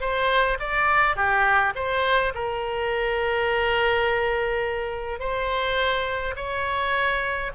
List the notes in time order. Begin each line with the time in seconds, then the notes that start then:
0.00 C5
0.59 D5
1.16 G4
1.75 C5
2.34 A#4
5.19 C5
6.35 C#5